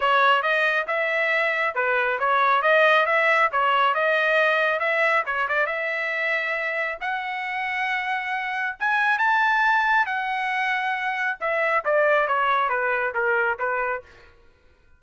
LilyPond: \new Staff \with { instrumentName = "trumpet" } { \time 4/4 \tempo 4 = 137 cis''4 dis''4 e''2 | b'4 cis''4 dis''4 e''4 | cis''4 dis''2 e''4 | cis''8 d''8 e''2. |
fis''1 | gis''4 a''2 fis''4~ | fis''2 e''4 d''4 | cis''4 b'4 ais'4 b'4 | }